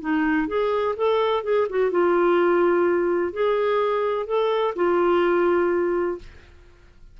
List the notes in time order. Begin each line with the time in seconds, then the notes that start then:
0.00 D#4
0.47 G#4
0.96 A4
1.43 G#4
1.69 F#4
1.91 F4
3.32 G#4
4.26 A4
4.75 F4